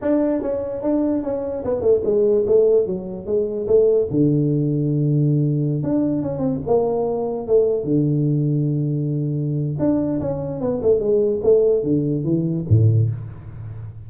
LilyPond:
\new Staff \with { instrumentName = "tuba" } { \time 4/4 \tempo 4 = 147 d'4 cis'4 d'4 cis'4 | b8 a8 gis4 a4 fis4 | gis4 a4 d2~ | d2~ d16 d'4 cis'8 c'16~ |
c'16 ais2 a4 d8.~ | d1 | d'4 cis'4 b8 a8 gis4 | a4 d4 e4 a,4 | }